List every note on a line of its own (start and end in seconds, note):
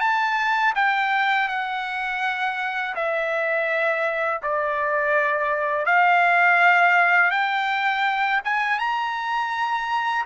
0.00 0.73 A5
0.75 1.48 G5
1.48 2.95 F#5
2.95 4.41 E5
4.42 5.85 D5
5.85 7.31 F5
7.31 8.40 G5
8.44 8.79 G#5
8.79 10.25 A#5